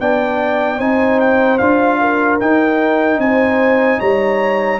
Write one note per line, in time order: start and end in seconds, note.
0.00 0.80 B3
0.00 0.79 D4
0.00 0.78 D5
0.00 0.80 G5
0.78 1.60 C4
0.78 1.59 D#4
0.78 1.98 C5
0.78 1.20 G#5
1.20 1.58 G5
1.58 2.41 D4
1.58 2.41 F4
1.58 2.38 F5
2.01 3.21 A#4
2.40 3.19 D#4
2.40 4.80 D#4
2.40 3.20 G5
3.19 3.99 C4
3.19 3.99 C5
3.19 4.00 G#5
3.99 4.80 G3
3.99 4.79 C#5
3.99 4.80 A#5